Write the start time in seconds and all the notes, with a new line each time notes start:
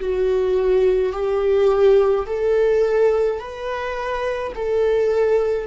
0.00 F#4
1.13 G4
2.26 A4
3.40 B4
4.55 A4